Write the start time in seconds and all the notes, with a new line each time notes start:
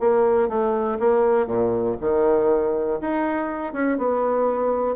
0.00 A#3
0.49 A3
1.00 A#3
1.47 A#2
2.01 D#3
3.01 D#4
3.73 C#4
3.98 B3